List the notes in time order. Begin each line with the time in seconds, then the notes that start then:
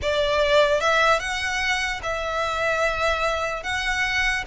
0.02 D5
0.80 E5
1.19 F#5
2.02 E5
3.63 F#5